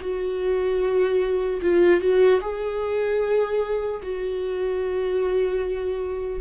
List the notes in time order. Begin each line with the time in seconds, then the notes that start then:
0.00 F#4
1.62 F4
2.00 F#4
2.41 G#4
4.02 F#4